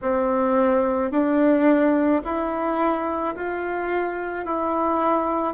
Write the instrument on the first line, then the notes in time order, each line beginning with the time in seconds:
bassoon
0.02 C4
1.11 D4
2.24 E4
3.35 F4
4.44 E4